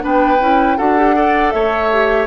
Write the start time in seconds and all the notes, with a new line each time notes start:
0.00 B3 D4 B4 G5
0.40 C#4 E4
0.78 D4 F#4 A4 F#5
0.97 G4
1.15 A4 D5
1.51 A3 C#5 E5
1.93 G4